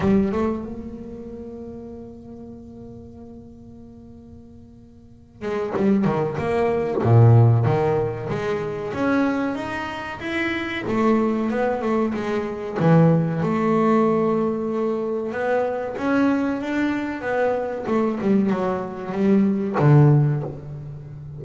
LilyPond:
\new Staff \with { instrumentName = "double bass" } { \time 4/4 \tempo 4 = 94 g8 a8 ais2.~ | ais1~ | ais8 gis8 g8 dis8 ais4 ais,4 | dis4 gis4 cis'4 dis'4 |
e'4 a4 b8 a8 gis4 | e4 a2. | b4 cis'4 d'4 b4 | a8 g8 fis4 g4 d4 | }